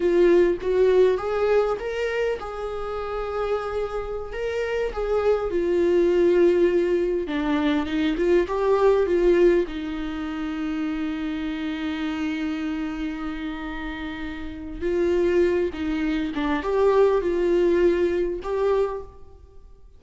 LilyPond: \new Staff \with { instrumentName = "viola" } { \time 4/4 \tempo 4 = 101 f'4 fis'4 gis'4 ais'4 | gis'2.~ gis'16 ais'8.~ | ais'16 gis'4 f'2~ f'8.~ | f'16 d'4 dis'8 f'8 g'4 f'8.~ |
f'16 dis'2.~ dis'8.~ | dis'1~ | dis'4 f'4. dis'4 d'8 | g'4 f'2 g'4 | }